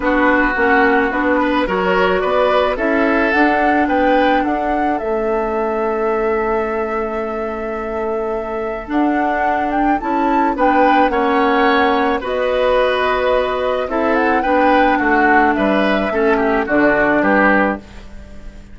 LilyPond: <<
  \new Staff \with { instrumentName = "flute" } { \time 4/4 \tempo 4 = 108 b'4 fis''4 b'4 cis''4 | d''4 e''4 fis''4 g''4 | fis''4 e''2.~ | e''1 |
fis''4. g''8 a''4 g''4 | fis''2 dis''2~ | dis''4 e''8 fis''8 g''4 fis''4 | e''2 d''4 b'4 | }
  \new Staff \with { instrumentName = "oboe" } { \time 4/4 fis'2~ fis'8 b'8 ais'4 | b'4 a'2 b'4 | a'1~ | a'1~ |
a'2. b'4 | cis''2 b'2~ | b'4 a'4 b'4 fis'4 | b'4 a'8 g'8 fis'4 g'4 | }
  \new Staff \with { instrumentName = "clarinet" } { \time 4/4 d'4 cis'4 d'4 fis'4~ | fis'4 e'4 d'2~ | d'4 cis'2.~ | cis'1 |
d'2 e'4 d'4 | cis'2 fis'2~ | fis'4 e'4 d'2~ | d'4 cis'4 d'2 | }
  \new Staff \with { instrumentName = "bassoon" } { \time 4/4 b4 ais4 b4 fis4 | b4 cis'4 d'4 b4 | d'4 a2.~ | a1 |
d'2 cis'4 b4 | ais2 b2~ | b4 c'4 b4 a4 | g4 a4 d4 g4 | }
>>